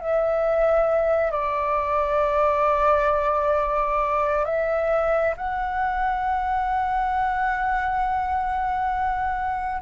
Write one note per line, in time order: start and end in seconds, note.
0.00 1.31 E5
1.31 4.45 D5
4.45 5.34 E5
5.37 9.82 F#5